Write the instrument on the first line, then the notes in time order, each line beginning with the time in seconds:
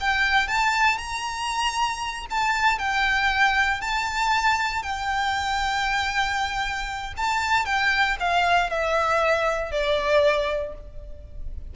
violin
0.00 G5
0.48 A5
0.98 A#5
2.30 A5
2.79 G5
3.81 A5
4.83 G5
7.17 A5
7.65 G5
8.20 F5
8.70 E5
9.72 D5